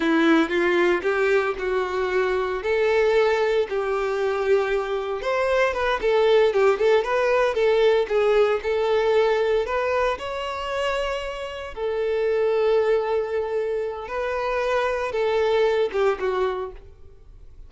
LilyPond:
\new Staff \with { instrumentName = "violin" } { \time 4/4 \tempo 4 = 115 e'4 f'4 g'4 fis'4~ | fis'4 a'2 g'4~ | g'2 c''4 b'8 a'8~ | a'8 g'8 a'8 b'4 a'4 gis'8~ |
gis'8 a'2 b'4 cis''8~ | cis''2~ cis''8 a'4.~ | a'2. b'4~ | b'4 a'4. g'8 fis'4 | }